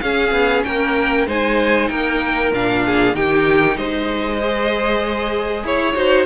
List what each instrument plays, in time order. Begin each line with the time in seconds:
0.00 cello C#4, viola C#4, violin G#4 F5
0.32 cello B3
0.64 cello A#3, violin A#4 G5
1.27 cello G#3, viola D#4, violin C5 G#5
1.88 cello A#3, violin A#4 G5
2.52 cello A#2, viola D4, violin F5
2.86 violin G#4
3.15 cello D#3, viola D#4, violin G4 G5
3.77 cello G#3, violin C5 D#5
4.41 viola G#4
5.63 cello E4, violin C#5
5.95 cello D#4, viola F#4, violin C5